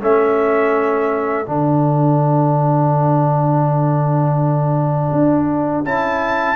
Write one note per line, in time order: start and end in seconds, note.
0.00 1.48 A3
0.00 1.46 C#4
0.00 6.57 A4
0.00 1.49 E5
1.46 5.12 D3
1.46 5.85 D4
1.46 5.86 F#5
5.12 5.84 D4
5.84 6.57 C#4
5.84 6.57 E4
5.84 6.57 A5